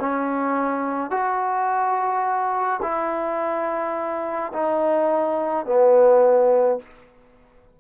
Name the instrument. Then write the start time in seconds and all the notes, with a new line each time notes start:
trombone
0.00 C#4
1.11 F#4
2.83 E4
4.53 D#4
5.66 B3